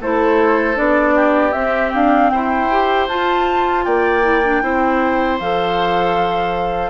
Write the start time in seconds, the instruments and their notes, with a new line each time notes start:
0.00 bassoon A3, clarinet E4, oboe A4, flute C5
0.75 bassoon B3, clarinet D4, flute D5
1.15 oboe G4
1.52 clarinet C4, bassoon C4, flute E5
1.93 bassoon D4, flute F5
2.30 bassoon E4, oboe C5, flute G5
2.70 clarinet G4
3.08 bassoon F4, clarinet F4, flute A5
3.84 bassoon A#3, oboe D5, flute G5
4.22 clarinet E4
4.44 clarinet D4
4.62 bassoon C4, clarinet E4, oboe C5
5.39 bassoon F3, clarinet A4, flute F5